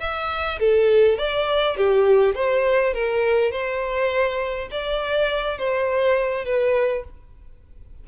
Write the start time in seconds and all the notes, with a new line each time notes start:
0.00 E5
0.60 A4
1.18 D5
1.77 G4
2.35 C5
2.94 A#4
3.51 C5
4.71 D5
5.59 C5
6.45 B4